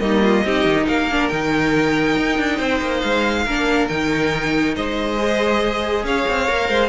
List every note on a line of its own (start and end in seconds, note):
0.00 0.43 G3
0.00 0.44 A#3
0.00 0.23 D#4
0.00 0.87 D#5
0.23 0.45 F4
0.44 0.65 C4
0.44 1.11 D#4
0.44 0.88 G4
0.65 0.87 D#3
0.88 1.31 A#3
0.88 2.57 A#4
0.88 1.29 F5
1.11 1.32 D4
1.29 2.17 D#3
1.29 3.48 D#4
1.29 3.01 G5
2.17 2.38 D#4
2.38 2.60 D4
2.57 2.81 C4
2.57 3.43 C5
2.82 3.03 A#3
3.01 3.46 G#3
3.01 3.87 F5
3.46 3.89 A#3
3.46 3.90 D4
3.46 4.75 A#4
3.89 4.76 D#3
3.89 5.18 D#4
3.89 4.75 G5
4.76 6.04 G#3
4.76 6.05 C5
4.76 6.06 D#5
5.18 6.47 G#4
6.04 6.26 C#4
6.04 6.69 C#5
6.04 6.89 F5
6.29 6.50 C4
6.47 6.69 A#3
6.47 6.89 A#4
6.69 6.89 G#3
6.69 6.89 C5